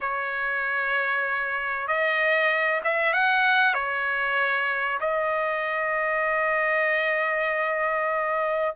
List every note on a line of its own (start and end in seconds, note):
0.01 1.87 C#5
1.87 2.81 D#5
2.84 3.13 E5
3.13 3.74 F#5
3.74 4.99 C#5
5.00 8.75 D#5